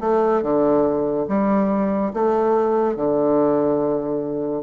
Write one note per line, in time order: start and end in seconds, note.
0.00 0.42 A3
0.42 1.27 D3
1.28 2.12 G3
2.13 2.96 A3
2.96 4.63 D3